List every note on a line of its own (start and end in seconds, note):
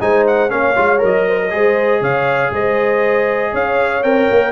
0.00 0.51 G#3
0.00 0.49 D#4
0.00 0.51 C5
0.00 0.26 G#5
0.27 0.50 F#5
0.49 0.76 A#3
0.49 0.74 C#4
0.49 1.27 C#5
0.49 1.00 F5
0.76 1.03 G#3
0.76 0.98 F4
0.98 1.53 F#3
0.98 1.48 A#4
1.04 2.03 D#5
1.27 1.40 C5
1.40 1.53 A#4
1.50 2.01 G#3
1.50 4.02 G#4
1.50 2.00 C5
2.00 2.51 C#3
2.00 2.51 C#5
2.00 2.53 F5
2.52 3.52 G#3
2.52 3.51 C5
2.52 3.55 D#5
3.51 4.03 C#4
3.51 4.52 C#5
3.51 4.03 F5
4.03 4.28 C4
4.03 4.52 A#4
4.03 4.52 G5
4.30 4.52 A#3